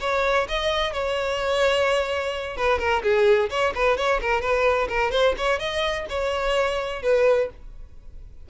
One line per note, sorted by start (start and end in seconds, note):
0.00 0.47 C#5
0.48 0.92 D#5
0.92 2.56 C#5
2.56 2.78 B4
2.78 3.02 A#4
3.03 3.49 G#4
3.50 3.73 C#5
3.75 3.97 B4
3.97 4.20 C#5
4.21 4.41 A#4
4.41 4.88 B4
4.88 5.11 A#4
5.11 5.34 C5
5.37 5.59 C#5
5.59 6.06 D#5
6.09 7.02 C#5
7.02 7.49 B4